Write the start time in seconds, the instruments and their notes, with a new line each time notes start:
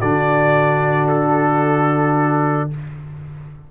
0.00 tuba D3, trombone D4, horn F#4, trumpet D5
1.08 trumpet A4